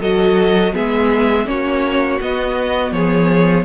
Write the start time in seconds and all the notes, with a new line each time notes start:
0.00 F#3 F#4 A4 D#5
0.73 G#3 B3 G#4 E5
1.45 A#3 C#4 F#4 C#5
2.21 B3 D#5
2.91 F3 G#4 C#5